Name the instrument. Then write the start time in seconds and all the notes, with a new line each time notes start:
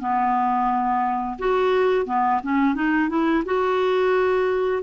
clarinet
0.00 B3
1.39 F#4
2.07 B3
2.44 C#4
2.75 D#4
3.09 E4
3.45 F#4